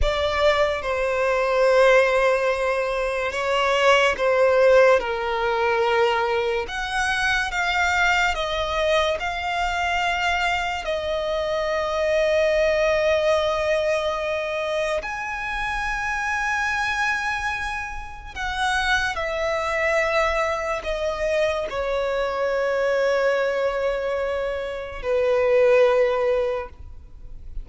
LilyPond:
\new Staff \with { instrumentName = "violin" } { \time 4/4 \tempo 4 = 72 d''4 c''2. | cis''4 c''4 ais'2 | fis''4 f''4 dis''4 f''4~ | f''4 dis''2.~ |
dis''2 gis''2~ | gis''2 fis''4 e''4~ | e''4 dis''4 cis''2~ | cis''2 b'2 | }